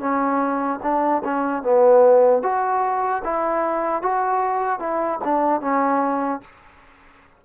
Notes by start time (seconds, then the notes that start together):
0.00 C#4
0.83 D4
1.25 C#4
1.63 B3
2.43 F#4
3.24 E4
4.03 F#4
4.80 E4
5.24 D4
5.61 C#4